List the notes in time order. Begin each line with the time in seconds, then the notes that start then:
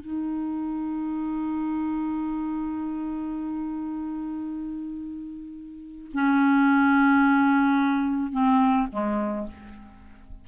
0.00 D#4
6.14 C#4
8.32 C4
8.92 G#3